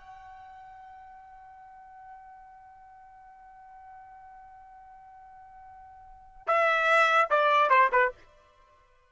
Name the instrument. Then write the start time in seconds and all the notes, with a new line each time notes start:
trumpet
0.00 F#5
6.47 E5
7.30 D5
7.70 C5
7.92 B4